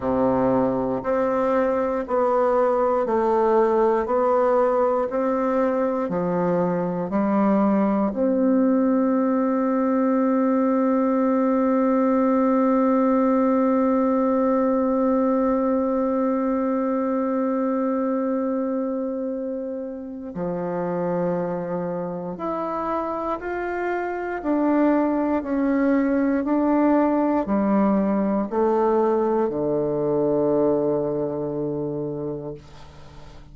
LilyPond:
\new Staff \with { instrumentName = "bassoon" } { \time 4/4 \tempo 4 = 59 c4 c'4 b4 a4 | b4 c'4 f4 g4 | c'1~ | c'1~ |
c'1 | f2 e'4 f'4 | d'4 cis'4 d'4 g4 | a4 d2. | }